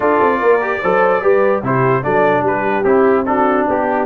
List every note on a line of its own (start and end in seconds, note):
0.00 0.21 D4
0.00 0.60 F4
0.00 0.39 A4
0.00 1.63 D5
0.21 0.41 C4
0.39 0.82 A#3
0.39 0.80 A#4
0.61 0.82 G4
0.82 1.23 F#3
0.82 1.22 A4
0.82 1.22 C5
1.22 1.62 G3
1.22 1.62 G4
1.22 1.63 B4
1.62 2.03 C3
1.62 2.02 E4
1.62 2.02 G4
1.62 2.03 C5
2.02 2.42 F#3
2.02 2.84 D4
2.02 2.43 A4
2.02 2.44 D5
2.42 2.82 G3
2.42 3.27 G4
2.42 2.84 B4
2.83 3.65 C4
2.83 3.26 E4
2.83 3.24 G4
3.25 4.05 D4
3.25 3.68 F#4
3.25 3.66 A4
3.67 4.05 B3
3.67 4.05 G4